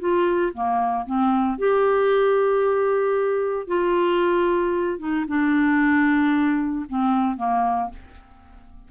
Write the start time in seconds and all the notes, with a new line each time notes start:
0.00 F4
0.54 A#3
1.06 C4
1.58 G4
3.68 F4
4.99 D#4
5.28 D4
6.89 C4
7.37 A#3